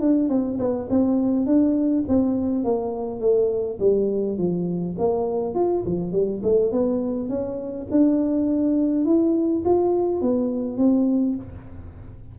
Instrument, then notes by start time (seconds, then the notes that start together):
tuba
0.00 D4
0.29 C4
0.59 B3
0.89 C4
1.46 D4
2.08 C4
2.64 A#3
3.20 A3
3.79 G3
4.38 F3
4.98 A#3
5.54 F4
5.85 F3
6.12 G3
6.43 A3
6.71 B3
7.29 C#4
7.91 D4
9.05 E4
9.65 F4
10.21 B3
10.77 C4